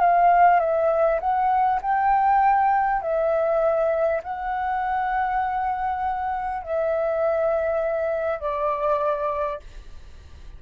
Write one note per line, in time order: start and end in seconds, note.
0.00 0.60 F5
0.60 1.20 E5
1.21 1.81 F#5
1.82 3.02 G5
3.02 4.22 E5
4.24 6.63 F#5
6.63 8.40 E5
8.40 9.60 D5